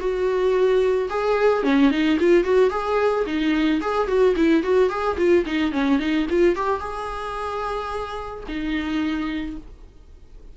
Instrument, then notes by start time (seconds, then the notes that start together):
viola
0.00 F#4
1.10 G#4
1.64 C#4
1.91 D#4
2.20 F4
2.44 F#4
2.70 G#4
3.27 D#4
3.82 G#4
4.08 F#4
4.36 E4
4.63 F#4
4.90 G#4
5.18 F4
5.46 D#4
5.72 C#4
6.00 D#4
6.30 F4
6.56 G4
6.80 G#4
8.48 D#4